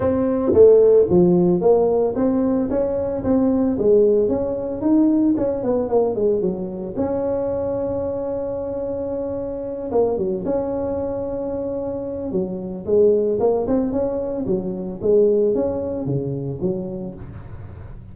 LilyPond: \new Staff \with { instrumentName = "tuba" } { \time 4/4 \tempo 4 = 112 c'4 a4 f4 ais4 | c'4 cis'4 c'4 gis4 | cis'4 dis'4 cis'8 b8 ais8 gis8 | fis4 cis'2.~ |
cis'2~ cis'8 ais8 fis8 cis'8~ | cis'2. fis4 | gis4 ais8 c'8 cis'4 fis4 | gis4 cis'4 cis4 fis4 | }